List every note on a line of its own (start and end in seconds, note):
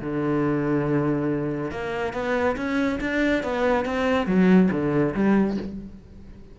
0.00 1.71 D3
1.71 2.13 A#3
2.13 2.56 B3
2.56 2.99 C#4
3.00 3.43 D4
3.43 3.85 B3
3.85 4.26 C4
4.26 4.69 F#3
4.71 5.14 D3
5.14 5.57 G3